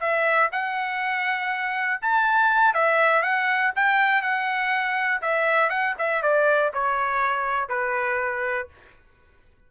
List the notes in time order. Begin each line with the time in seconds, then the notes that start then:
0.00 E5
0.52 F#5
2.02 A5
2.74 E5
3.23 F#5
3.76 G5
4.22 F#5
5.22 E5
5.69 F#5
5.98 E5
6.23 D5
6.74 C#5
7.69 B4